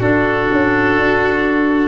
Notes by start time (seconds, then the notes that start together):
0.00 D4 F#4 A4
0.52 C#4
0.97 D4